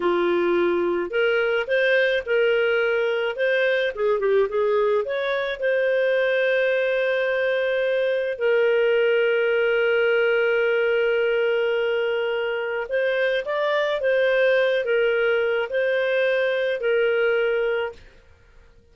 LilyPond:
\new Staff \with { instrumentName = "clarinet" } { \time 4/4 \tempo 4 = 107 f'2 ais'4 c''4 | ais'2 c''4 gis'8 g'8 | gis'4 cis''4 c''2~ | c''2. ais'4~ |
ais'1~ | ais'2. c''4 | d''4 c''4. ais'4. | c''2 ais'2 | }